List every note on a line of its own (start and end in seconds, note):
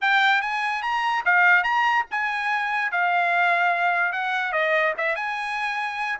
0.01 0.41 G5
0.41 0.82 G#5
0.82 1.24 A#5
1.25 1.63 F5
1.63 2.05 A#5
2.10 2.91 G#5
2.91 4.12 F5
4.12 4.52 F#5
4.52 4.93 D#5
4.97 5.15 E5
5.15 6.19 G#5